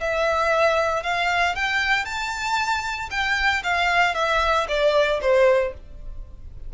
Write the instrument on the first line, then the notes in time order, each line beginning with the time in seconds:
violin
0.00 E5
1.03 F5
1.56 G5
2.05 A5
3.10 G5
3.63 F5
4.15 E5
4.68 D5
5.21 C5